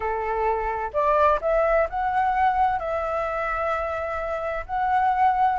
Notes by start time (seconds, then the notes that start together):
0.00 A4
0.93 D5
1.41 E5
1.89 F#5
2.79 E5
4.66 F#5